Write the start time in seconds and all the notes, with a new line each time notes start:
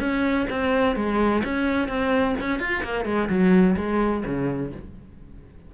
0.00 C#4
0.50 C4
0.96 G#3
1.44 C#4
1.89 C4
2.41 C#4
2.60 F4
2.83 A#3
3.05 G#3
3.29 F#3
3.77 G#3
4.25 C#3